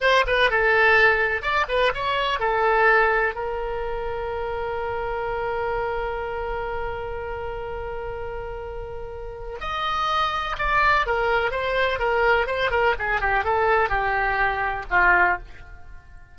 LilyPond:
\new Staff \with { instrumentName = "oboe" } { \time 4/4 \tempo 4 = 125 c''8 b'8 a'2 d''8 b'8 | cis''4 a'2 ais'4~ | ais'1~ | ais'1~ |
ais'1 | dis''2 d''4 ais'4 | c''4 ais'4 c''8 ais'8 gis'8 g'8 | a'4 g'2 f'4 | }